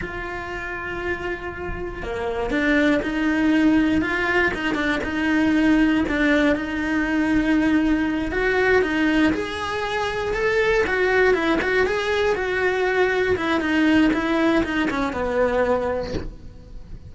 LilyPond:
\new Staff \with { instrumentName = "cello" } { \time 4/4 \tempo 4 = 119 f'1 | ais4 d'4 dis'2 | f'4 dis'8 d'8 dis'2 | d'4 dis'2.~ |
dis'8 fis'4 dis'4 gis'4.~ | gis'8 a'4 fis'4 e'8 fis'8 gis'8~ | gis'8 fis'2 e'8 dis'4 | e'4 dis'8 cis'8 b2 | }